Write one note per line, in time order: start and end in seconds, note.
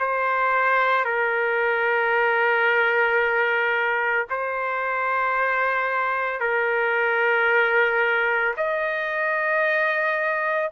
0.00 1.05 C5
1.05 4.27 A#4
4.30 6.40 C5
6.40 8.55 A#4
8.57 10.71 D#5